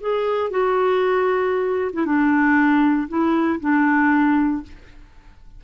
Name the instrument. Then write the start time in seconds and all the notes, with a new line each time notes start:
clarinet
0.00 G#4
0.50 F#4
1.93 E4
2.05 D4
3.08 E4
3.60 D4